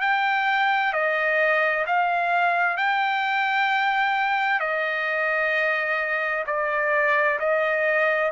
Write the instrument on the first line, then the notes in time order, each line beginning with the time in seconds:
trumpet
0.00 G5
0.93 D#5
1.86 F5
2.77 G5
4.59 D#5
6.46 D5
7.39 D#5